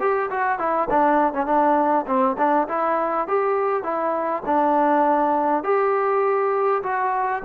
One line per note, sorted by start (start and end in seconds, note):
0.00 0.30 G4
0.31 0.59 F#4
0.59 0.89 E4
0.90 1.33 D4
1.33 1.46 C#4
1.46 2.05 D4
2.07 2.37 C4
2.38 2.68 D4
2.68 3.28 E4
3.28 3.83 G4
3.83 4.43 E4
4.46 5.64 D4
5.64 6.83 G4
6.83 7.42 F#4